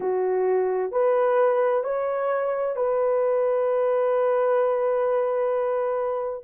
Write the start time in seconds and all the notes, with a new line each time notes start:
0.00 F#4
0.91 B4
1.83 C#5
2.76 B4